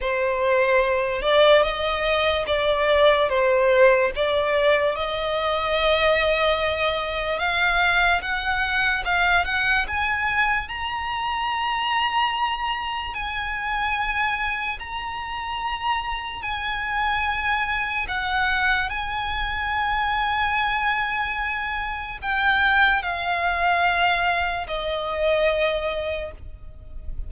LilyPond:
\new Staff \with { instrumentName = "violin" } { \time 4/4 \tempo 4 = 73 c''4. d''8 dis''4 d''4 | c''4 d''4 dis''2~ | dis''4 f''4 fis''4 f''8 fis''8 | gis''4 ais''2. |
gis''2 ais''2 | gis''2 fis''4 gis''4~ | gis''2. g''4 | f''2 dis''2 | }